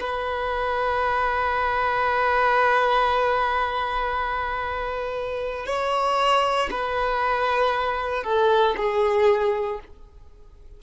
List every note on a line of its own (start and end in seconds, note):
0.00 5.66 B4
5.66 6.70 C#5
6.71 8.24 B4
8.24 8.76 A4
8.77 9.80 G#4